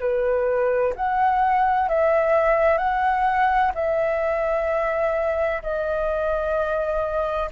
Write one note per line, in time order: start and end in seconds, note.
0.00 0.94 B4
0.96 1.89 F#5
1.89 2.78 E5
2.78 3.72 F#5
3.75 5.62 E5
5.62 7.50 D#5